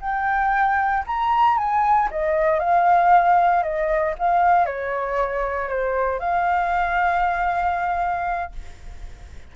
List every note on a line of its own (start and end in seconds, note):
0.00 1.03 G5
1.06 1.57 A#5
1.57 2.09 G#5
2.10 2.59 D#5
2.59 3.63 F5
3.63 4.14 D#5
4.18 4.66 F5
4.66 5.68 C#5
5.68 6.19 C5
6.19 8.52 F5